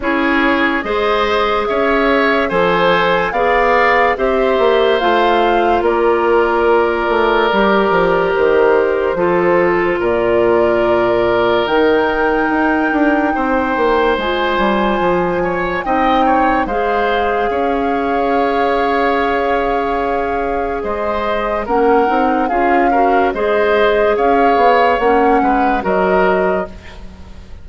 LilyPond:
<<
  \new Staff \with { instrumentName = "flute" } { \time 4/4 \tempo 4 = 72 cis''4 dis''4 e''4 gis''4 | f''4 e''4 f''4 d''4~ | d''2 c''2 | d''2 g''2~ |
g''4 gis''2 g''4 | f''1~ | f''4 dis''4 fis''4 f''4 | dis''4 f''4 fis''4 dis''4 | }
  \new Staff \with { instrumentName = "oboe" } { \time 4/4 gis'4 c''4 cis''4 c''4 | d''4 c''2 ais'4~ | ais'2. a'4 | ais'1 |
c''2~ c''8 cis''8 dis''8 cis''8 | c''4 cis''2.~ | cis''4 c''4 ais'4 gis'8 ais'8 | c''4 cis''4. b'8 ais'4 | }
  \new Staff \with { instrumentName = "clarinet" } { \time 4/4 e'4 gis'2 a'4 | gis'4 g'4 f'2~ | f'4 g'2 f'4~ | f'2 dis'2~ |
dis'4 f'2 dis'4 | gis'1~ | gis'2 cis'8 dis'8 f'8 fis'8 | gis'2 cis'4 fis'4 | }
  \new Staff \with { instrumentName = "bassoon" } { \time 4/4 cis'4 gis4 cis'4 f4 | b4 c'8 ais8 a4 ais4~ | ais8 a8 g8 f8 dis4 f4 | ais,2 dis4 dis'8 d'8 |
c'8 ais8 gis8 g8 f4 c'4 | gis4 cis'2.~ | cis'4 gis4 ais8 c'8 cis'4 | gis4 cis'8 b8 ais8 gis8 fis4 | }
>>